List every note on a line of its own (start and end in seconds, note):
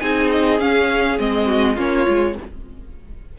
0.00 0.60 C4
0.00 0.60 D#4
0.00 1.46 G#4
0.00 0.29 G#5
0.31 0.60 D#5
0.60 1.18 C#4
0.60 1.19 C#4
0.60 1.19 F5
1.19 1.77 G#3
1.19 1.77 C4
1.19 1.78 D#5
1.46 1.75 F#4
1.75 2.07 A#3
1.75 2.05 C#4
1.75 2.34 F4
1.75 2.39 C#5
2.05 2.38 G#3
2.05 2.34 F4